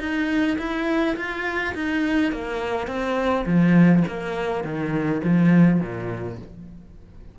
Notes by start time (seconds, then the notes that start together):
0.00 D#4
0.59 E4
1.17 F4
1.75 D#4
2.32 A#3
2.88 C4
3.46 F3
4.08 A#3
4.64 D#3
5.24 F3
5.81 A#2